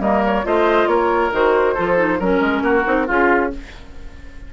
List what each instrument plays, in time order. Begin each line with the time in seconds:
0.00 bassoon G3, clarinet A#3, oboe A#4, flute D#5
0.25 flute C#5
0.44 bassoon A3, clarinet F4, oboe C5, flute D#5
0.87 bassoon A#3, oboe A#4, flute C#5
1.32 bassoon D#3, clarinet F#4, flute C5
1.74 bassoon F3, clarinet F4, oboe A4
1.97 clarinet D#4
2.20 bassoon F#3, clarinet C#4, oboe A#4, flute A#4
2.41 bassoon G#3
2.62 bassoon A#3, oboe F#4
2.84 bassoon C4, clarinet D#4
3.07 bassoon C#4, oboe F4, clarinet F4, flute G#4